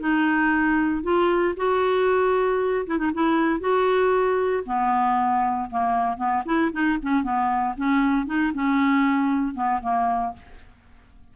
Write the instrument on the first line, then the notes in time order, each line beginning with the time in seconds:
clarinet
0.00 D#4
1.03 F4
1.57 F#4
2.87 E4
2.98 D#4
3.14 E4
3.60 F#4
4.66 B3
5.70 A#3
6.17 B3
6.46 E4
6.72 D#4
7.02 C#4
7.23 B3
7.77 C#4
8.26 D#4
8.54 C#4
9.54 B3
9.82 A#3